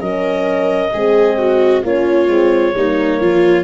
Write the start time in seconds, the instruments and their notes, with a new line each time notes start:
0.00 tuba F#3, horn C#4, viola A#4, clarinet D#5
0.93 tuba G#3, horn C4, viola G#4
1.38 viola F#4
1.83 tuba A#3, horn C#4, viola F4, clarinet C#5
2.27 tuba G#3, horn C4
2.74 tuba G3, horn A#3, viola D#4
3.20 tuba F3, viola F4